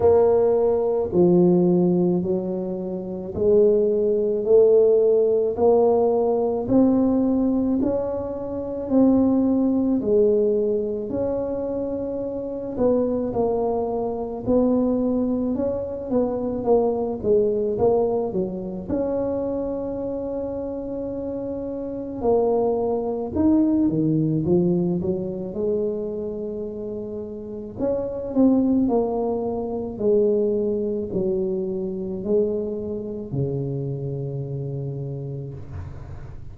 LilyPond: \new Staff \with { instrumentName = "tuba" } { \time 4/4 \tempo 4 = 54 ais4 f4 fis4 gis4 | a4 ais4 c'4 cis'4 | c'4 gis4 cis'4. b8 | ais4 b4 cis'8 b8 ais8 gis8 |
ais8 fis8 cis'2. | ais4 dis'8 dis8 f8 fis8 gis4~ | gis4 cis'8 c'8 ais4 gis4 | fis4 gis4 cis2 | }